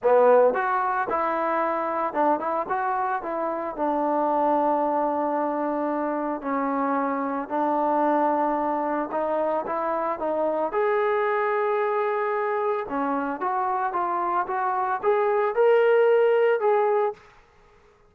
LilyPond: \new Staff \with { instrumentName = "trombone" } { \time 4/4 \tempo 4 = 112 b4 fis'4 e'2 | d'8 e'8 fis'4 e'4 d'4~ | d'1 | cis'2 d'2~ |
d'4 dis'4 e'4 dis'4 | gis'1 | cis'4 fis'4 f'4 fis'4 | gis'4 ais'2 gis'4 | }